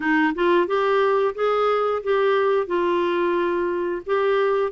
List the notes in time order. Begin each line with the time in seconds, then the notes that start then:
0.00 D#4
0.34 F4
0.67 G4
1.35 G#4
2.03 G4
2.67 F4
4.06 G4